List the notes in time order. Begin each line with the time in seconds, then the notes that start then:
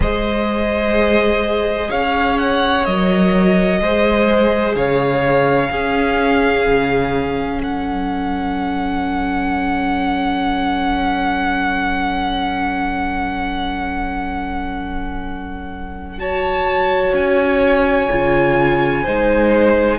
0.00 G#3 G#4 C5 D#5
1.88 C#4 C#5 F5
2.38 F#5
2.85 F#3 A#4 D#5
3.80 G#3 G#4 C5
4.75 C#3 C#5 F5
5.70 C#4 G#4
6.67 C#3
7.60 F#3 A4 F#5
16.18 F#4 C#5 A5
17.13 C#4 G#5
18.09 C#3 F4
19.03 G#3 D#4 C5